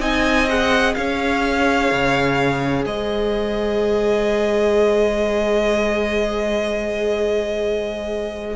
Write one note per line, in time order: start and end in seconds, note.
0.00 0.95 C4
0.00 0.48 D#4
0.00 0.96 D#5
0.00 0.49 G#5
0.49 8.57 G#4
0.49 0.94 F#5
0.94 1.92 C#4
0.94 2.85 C#5
0.94 2.85 F5
1.92 2.86 C#3
2.85 8.57 G#3
2.85 8.56 C5
2.85 8.57 D#5